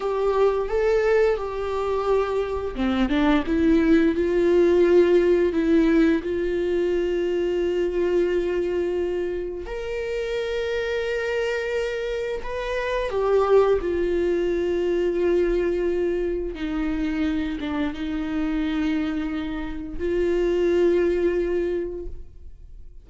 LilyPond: \new Staff \with { instrumentName = "viola" } { \time 4/4 \tempo 4 = 87 g'4 a'4 g'2 | c'8 d'8 e'4 f'2 | e'4 f'2.~ | f'2 ais'2~ |
ais'2 b'4 g'4 | f'1 | dis'4. d'8 dis'2~ | dis'4 f'2. | }